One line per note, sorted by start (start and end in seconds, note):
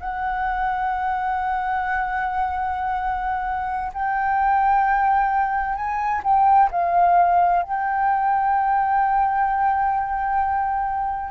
0.00 3.92 F#5
3.94 5.76 G5
5.76 6.22 G#5
6.23 6.70 G5
6.71 7.63 F5
7.63 11.31 G5